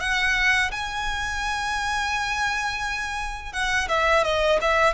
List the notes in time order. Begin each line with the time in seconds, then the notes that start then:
0.00 F#5
0.71 G#5
3.53 F#5
3.89 E5
4.24 D#5
4.61 E5